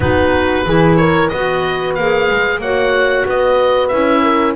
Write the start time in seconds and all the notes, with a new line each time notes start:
0.00 B3 D#4 F#4 B4
0.66 E3 E4 G#4
0.96 A#4 C#5
1.29 B3 F#4 B4 D#5
1.94 A#3 G#4 F5
2.30 G#3
2.58 A#3 F#4 C#5 F#5
3.25 B3 B4 D#5
3.88 C#4 E4 E5
4.22 A#4